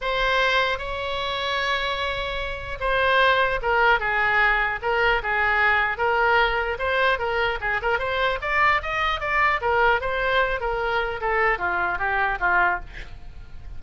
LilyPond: \new Staff \with { instrumentName = "oboe" } { \time 4/4 \tempo 4 = 150 c''2 cis''2~ | cis''2. c''4~ | c''4 ais'4 gis'2 | ais'4 gis'2 ais'4~ |
ais'4 c''4 ais'4 gis'8 ais'8 | c''4 d''4 dis''4 d''4 | ais'4 c''4. ais'4. | a'4 f'4 g'4 f'4 | }